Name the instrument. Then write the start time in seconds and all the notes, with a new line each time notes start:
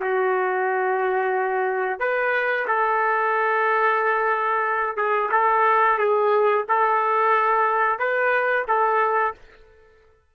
trumpet
0.00 F#4
1.99 B4
2.67 A4
4.96 G#4
5.31 A4
5.98 G#4
6.68 A4
7.98 B4
8.68 A4